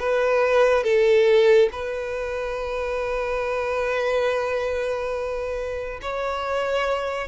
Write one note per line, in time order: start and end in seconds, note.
0.00 0.84 B4
0.84 1.69 A4
1.72 6.00 B4
6.02 7.28 C#5